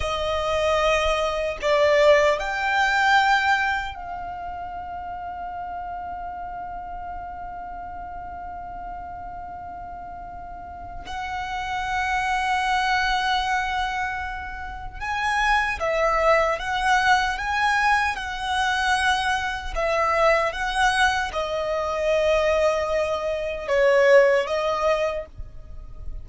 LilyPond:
\new Staff \with { instrumentName = "violin" } { \time 4/4 \tempo 4 = 76 dis''2 d''4 g''4~ | g''4 f''2.~ | f''1~ | f''2 fis''2~ |
fis''2. gis''4 | e''4 fis''4 gis''4 fis''4~ | fis''4 e''4 fis''4 dis''4~ | dis''2 cis''4 dis''4 | }